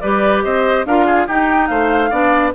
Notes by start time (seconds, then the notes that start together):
0.00 G3 G4 B4 D5
0.43 C4 C5 D#5
0.85 D4 F4 A#4 F5
1.06 G#4
1.26 D#4 G4 G5
1.67 A3 C5 F5
2.10 B3 D4 D5